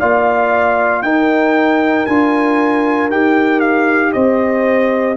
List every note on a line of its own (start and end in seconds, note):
0.00 1.03 A#3
0.00 1.05 F4
0.00 1.03 D5
0.00 1.03 F5
1.03 2.06 D#4
1.03 2.08 D#4
1.03 4.14 A#4
1.03 2.06 G5
2.06 3.11 D4
2.06 3.11 F4
2.06 3.10 G#5
3.11 4.14 D#4
3.11 5.17 G4
3.11 3.60 G5
3.60 4.12 F5
4.13 5.17 C4
4.13 5.17 C5
4.13 5.16 D#5